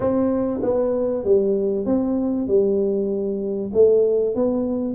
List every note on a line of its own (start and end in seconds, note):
0.00 0.60 C4
0.62 1.24 B3
1.24 1.85 G3
1.85 2.47 C4
2.47 3.71 G3
3.73 4.35 A3
4.35 4.94 B3